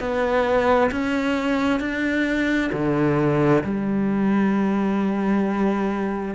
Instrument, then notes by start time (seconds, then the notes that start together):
cello
0.00 B3
0.91 C#4
1.80 D4
2.73 D3
3.64 G3